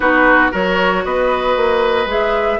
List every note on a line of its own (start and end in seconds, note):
0.00 0.51 B3
0.00 0.50 D#4
0.00 0.51 F#4
0.00 0.50 B4
0.50 1.05 F#3
0.50 2.07 F#4
0.50 1.03 A#4
0.50 1.04 C#5
1.04 1.56 B3
1.04 2.59 B4
1.04 2.09 D#5
1.56 2.05 A#3
2.05 2.57 G#3
2.05 2.59 G#4
2.05 2.59 E5